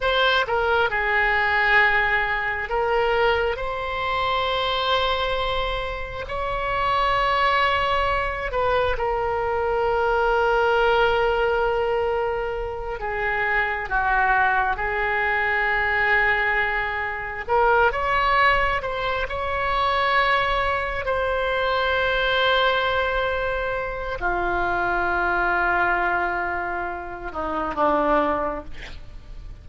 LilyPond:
\new Staff \with { instrumentName = "oboe" } { \time 4/4 \tempo 4 = 67 c''8 ais'8 gis'2 ais'4 | c''2. cis''4~ | cis''4. b'8 ais'2~ | ais'2~ ais'8 gis'4 fis'8~ |
fis'8 gis'2. ais'8 | cis''4 c''8 cis''2 c''8~ | c''2. f'4~ | f'2~ f'8 dis'8 d'4 | }